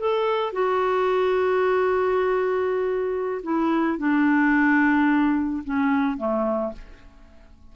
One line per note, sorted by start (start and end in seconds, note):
0.00 0.53 A4
0.53 3.42 F#4
3.44 3.99 E4
3.99 5.64 D4
5.65 6.18 C#4
6.18 6.73 A3